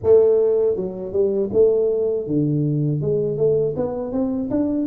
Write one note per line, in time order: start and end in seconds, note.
0.03 0.76 A3
0.76 1.12 F#3
1.12 1.49 G3
1.52 2.27 A3
2.27 3.01 D3
3.01 3.37 G#3
3.37 3.74 A3
3.76 4.11 B3
4.11 4.49 C4
4.50 4.87 D4